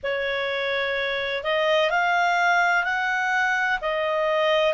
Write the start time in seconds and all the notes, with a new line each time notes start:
0.03 C#5
1.43 D#5
1.90 F5
2.84 F#5
3.81 D#5